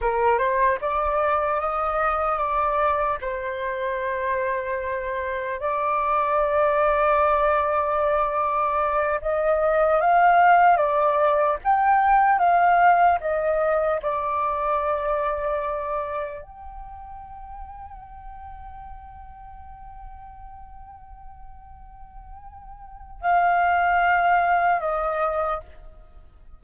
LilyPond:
\new Staff \with { instrumentName = "flute" } { \time 4/4 \tempo 4 = 75 ais'8 c''8 d''4 dis''4 d''4 | c''2. d''4~ | d''2.~ d''8 dis''8~ | dis''8 f''4 d''4 g''4 f''8~ |
f''8 dis''4 d''2~ d''8~ | d''8 g''2.~ g''8~ | g''1~ | g''4 f''2 dis''4 | }